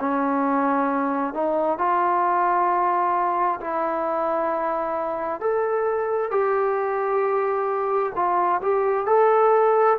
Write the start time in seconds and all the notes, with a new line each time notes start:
0.00 C#4
1.34 D#4
1.78 F4
3.61 E4
5.40 A4
6.31 G4
8.16 F4
8.62 G4
9.07 A4